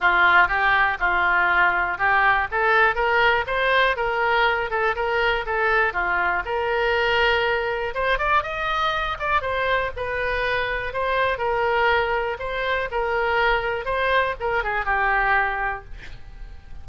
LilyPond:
\new Staff \with { instrumentName = "oboe" } { \time 4/4 \tempo 4 = 121 f'4 g'4 f'2 | g'4 a'4 ais'4 c''4 | ais'4. a'8 ais'4 a'4 | f'4 ais'2. |
c''8 d''8 dis''4. d''8 c''4 | b'2 c''4 ais'4~ | ais'4 c''4 ais'2 | c''4 ais'8 gis'8 g'2 | }